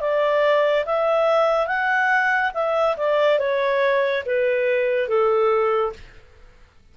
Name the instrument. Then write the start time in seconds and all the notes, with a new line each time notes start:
clarinet
0.00 D5
0.85 E5
1.67 F#5
2.54 E5
2.97 D5
3.39 C#5
4.25 B4
5.08 A4